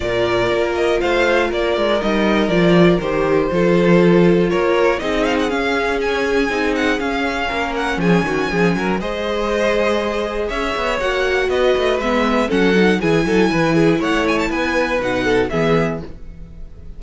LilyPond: <<
  \new Staff \with { instrumentName = "violin" } { \time 4/4 \tempo 4 = 120 d''4. dis''8 f''4 d''4 | dis''4 d''4 c''2~ | c''4 cis''4 dis''8 f''16 fis''16 f''4 | gis''4. fis''8 f''4. fis''8 |
gis''2 dis''2~ | dis''4 e''4 fis''4 dis''4 | e''4 fis''4 gis''2 | fis''8 gis''16 a''16 gis''4 fis''4 e''4 | }
  \new Staff \with { instrumentName = "violin" } { \time 4/4 ais'2 c''4 ais'4~ | ais'2. a'4~ | a'4 ais'4 gis'2~ | gis'2. ais'4 |
gis'8 fis'8 gis'8 ais'8 c''2~ | c''4 cis''2 b'4~ | b'4 a'4 gis'8 a'8 b'8 gis'8 | cis''4 b'4. a'8 gis'4 | }
  \new Staff \with { instrumentName = "viola" } { \time 4/4 f'1 | dis'4 f'4 g'4 f'4~ | f'2 dis'4 cis'4~ | cis'4 dis'4 cis'2~ |
cis'2 gis'2~ | gis'2 fis'2 | b4 cis'8 dis'8 e'2~ | e'2 dis'4 b4 | }
  \new Staff \with { instrumentName = "cello" } { \time 4/4 ais,4 ais4 a4 ais8 gis8 | g4 f4 dis4 f4~ | f4 ais4 c'4 cis'4~ | cis'4 c'4 cis'4 ais4 |
f8 dis8 f8 fis8 gis2~ | gis4 cis'8 b8 ais4 b8 a8 | gis4 fis4 e8 fis8 e4 | a4 b4 b,4 e4 | }
>>